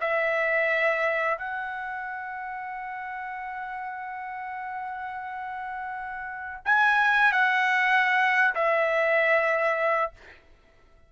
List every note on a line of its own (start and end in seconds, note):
0.00 1.38 E5
1.38 6.61 F#5
6.65 7.32 G#5
7.32 8.54 F#5
8.55 10.12 E5